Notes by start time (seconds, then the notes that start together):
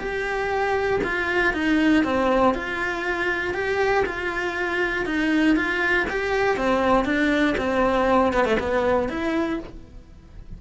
0.00 G4
1.04 F4
1.54 D#4
2.04 C4
2.55 F4
3.55 G4
4.06 F4
5.06 D#4
5.56 F4
6.10 G4
6.57 C4
7.05 D4
7.58 C4
8.34 B3
8.45 A3
8.60 B3
9.09 E4